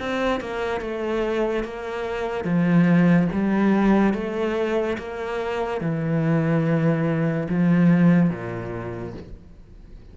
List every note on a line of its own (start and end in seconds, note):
0.00 0.41 C4
0.41 0.81 A#3
0.81 1.65 A3
1.65 2.45 A#3
2.45 3.28 F3
3.33 4.14 G3
4.14 4.97 A3
4.98 5.81 A#3
5.81 7.48 E3
7.50 8.31 F3
8.31 9.14 A#2